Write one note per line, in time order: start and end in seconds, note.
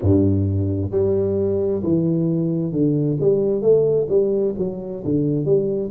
0.01 0.91 G2
0.91 1.82 G3
1.83 2.72 E3
2.72 3.17 D3
3.19 3.61 G3
3.61 4.07 A3
4.09 4.54 G3
4.57 5.03 F#3
5.04 5.45 D3
5.45 5.90 G3